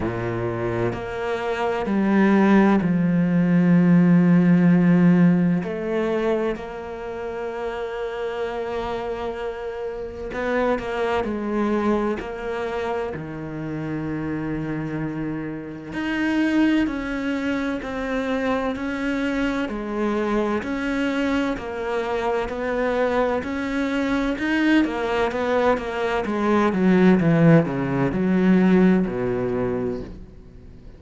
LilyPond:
\new Staff \with { instrumentName = "cello" } { \time 4/4 \tempo 4 = 64 ais,4 ais4 g4 f4~ | f2 a4 ais4~ | ais2. b8 ais8 | gis4 ais4 dis2~ |
dis4 dis'4 cis'4 c'4 | cis'4 gis4 cis'4 ais4 | b4 cis'4 dis'8 ais8 b8 ais8 | gis8 fis8 e8 cis8 fis4 b,4 | }